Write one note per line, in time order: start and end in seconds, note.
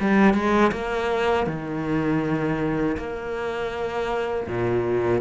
0.00 0.34 G3
0.34 0.71 G#3
0.72 1.46 A#3
1.46 2.96 D#3
2.97 4.47 A#3
4.47 5.21 A#2